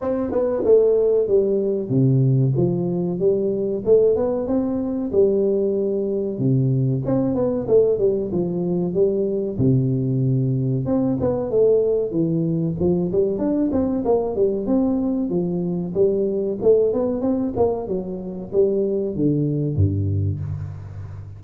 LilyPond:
\new Staff \with { instrumentName = "tuba" } { \time 4/4 \tempo 4 = 94 c'8 b8 a4 g4 c4 | f4 g4 a8 b8 c'4 | g2 c4 c'8 b8 | a8 g8 f4 g4 c4~ |
c4 c'8 b8 a4 e4 | f8 g8 d'8 c'8 ais8 g8 c'4 | f4 g4 a8 b8 c'8 ais8 | fis4 g4 d4 g,4 | }